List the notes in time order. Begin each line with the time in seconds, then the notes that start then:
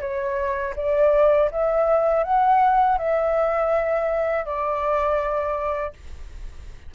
0.00 C#5
0.76 D5
1.51 E5
2.24 F#5
2.98 E5
4.45 D5